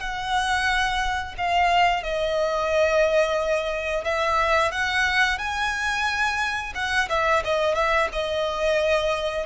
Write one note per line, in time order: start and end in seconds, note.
0.00 1.35 F#5
1.38 2.03 F5
2.03 4.04 D#5
4.04 4.72 E5
4.72 5.38 F#5
5.38 6.73 G#5
6.75 7.09 F#5
7.09 7.43 E5
7.44 7.75 D#5
7.75 8.08 E5
8.13 9.46 D#5